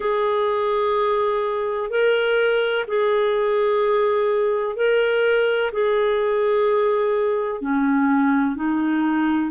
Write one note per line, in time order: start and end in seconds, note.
0.00 1.90 G#4
1.90 2.85 A#4
2.87 4.76 G#4
4.76 5.71 A#4
5.72 7.61 G#4
7.61 8.55 C#4
8.55 9.50 D#4